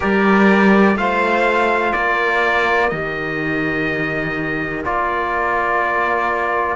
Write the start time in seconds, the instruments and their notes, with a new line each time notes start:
0.00 cello G3, trombone G4, violin A#4, trumpet D5
0.95 cello A3, trombone F4, violin C5, trumpet F5
1.93 cello A#3, violin A#4, trumpet D5
2.89 cello D#3, trombone G4, trumpet D#5
4.84 cello A#3, trombone F4, trumpet D5